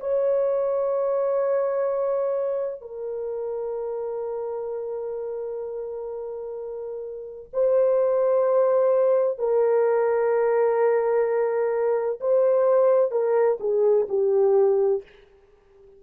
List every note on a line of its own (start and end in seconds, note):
0.00 2.81 C#5
2.81 7.50 A#4
7.53 9.38 C5
9.38 12.20 A#4
12.20 13.11 C5
13.11 13.58 A#4
13.60 14.07 G#4
14.09 15.03 G4